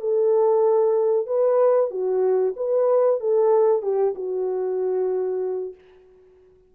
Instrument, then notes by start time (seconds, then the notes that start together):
horn
0.00 A4
1.27 B4
1.90 F#4
2.56 B4
3.20 A4
3.82 G4
4.15 F#4